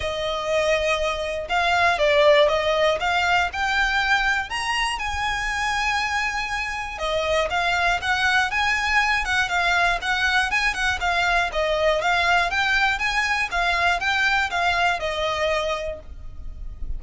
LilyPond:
\new Staff \with { instrumentName = "violin" } { \time 4/4 \tempo 4 = 120 dis''2. f''4 | d''4 dis''4 f''4 g''4~ | g''4 ais''4 gis''2~ | gis''2 dis''4 f''4 |
fis''4 gis''4. fis''8 f''4 | fis''4 gis''8 fis''8 f''4 dis''4 | f''4 g''4 gis''4 f''4 | g''4 f''4 dis''2 | }